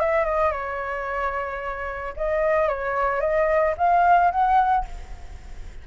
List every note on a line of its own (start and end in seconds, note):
0.00 0.25 E5
0.25 0.52 D#5
0.52 2.14 C#5
2.16 2.69 D#5
2.69 3.21 C#5
3.21 3.75 D#5
3.77 4.31 F5
4.31 4.85 F#5